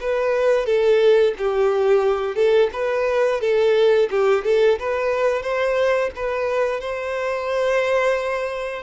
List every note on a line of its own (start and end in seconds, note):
0.00 0.66 B4
0.66 1.34 A4
1.38 2.36 G4
2.36 2.70 A4
2.72 3.41 B4
3.41 4.09 A4
4.10 4.44 G4
4.44 4.79 A4
4.79 5.42 B4
5.42 6.10 C5
6.15 6.80 B4
6.80 8.83 C5